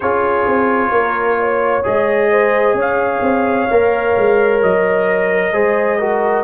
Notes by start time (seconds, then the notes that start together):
0.00 C#4 F4 G#4 C#5
0.46 C4
0.91 A#3 A#4
1.39 C#5
1.83 G#3 G#4 D#5
2.30 C5
2.74 C#4 C#5
2.81 F5
3.22 C4
3.70 A#3 A#4
4.17 G#3
4.62 F#3 D#5
5.53 G#3 G#4 C5
5.98 F#4 A#4